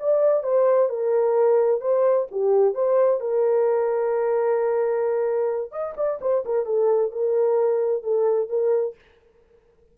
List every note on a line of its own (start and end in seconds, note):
0.00 0.44 D5
0.44 0.89 C5
0.89 1.81 A#4
1.81 2.27 C5
2.32 2.75 G4
2.75 3.21 C5
3.21 5.72 A#4
5.72 5.95 D#5
5.97 6.20 D5
6.22 6.45 C5
6.46 6.66 A#4
6.66 7.12 A4
7.12 8.03 A#4
8.03 8.49 A4
8.49 8.96 A#4